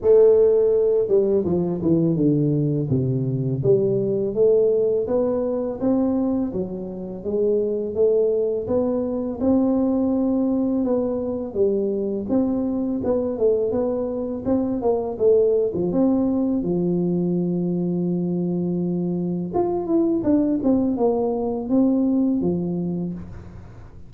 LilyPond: \new Staff \with { instrumentName = "tuba" } { \time 4/4 \tempo 4 = 83 a4. g8 f8 e8 d4 | c4 g4 a4 b4 | c'4 fis4 gis4 a4 | b4 c'2 b4 |
g4 c'4 b8 a8 b4 | c'8 ais8 a8. f16 c'4 f4~ | f2. f'8 e'8 | d'8 c'8 ais4 c'4 f4 | }